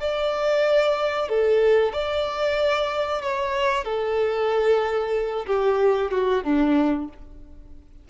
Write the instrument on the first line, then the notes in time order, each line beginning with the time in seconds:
violin
0.00 D5
1.29 A4
1.93 D5
3.22 C#5
3.84 A4
5.46 G4
6.11 F#4
6.44 D4